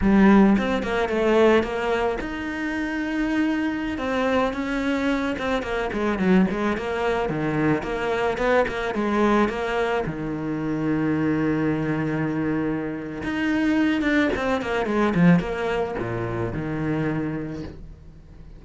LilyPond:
\new Staff \with { instrumentName = "cello" } { \time 4/4 \tempo 4 = 109 g4 c'8 ais8 a4 ais4 | dis'2.~ dis'16 c'8.~ | c'16 cis'4. c'8 ais8 gis8 fis8 gis16~ | gis16 ais4 dis4 ais4 b8 ais16~ |
ais16 gis4 ais4 dis4.~ dis16~ | dis1 | dis'4. d'8 c'8 ais8 gis8 f8 | ais4 ais,4 dis2 | }